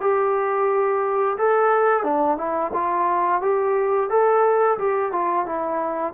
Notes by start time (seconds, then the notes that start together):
0.00 G4
1.37 A4
2.03 D4
2.37 E4
2.73 F4
3.41 G4
4.09 A4
4.78 G4
5.12 F4
5.45 E4